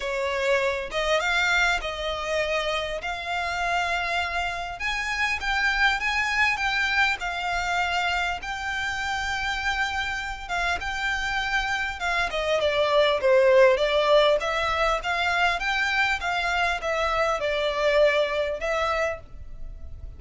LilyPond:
\new Staff \with { instrumentName = "violin" } { \time 4/4 \tempo 4 = 100 cis''4. dis''8 f''4 dis''4~ | dis''4 f''2. | gis''4 g''4 gis''4 g''4 | f''2 g''2~ |
g''4. f''8 g''2 | f''8 dis''8 d''4 c''4 d''4 | e''4 f''4 g''4 f''4 | e''4 d''2 e''4 | }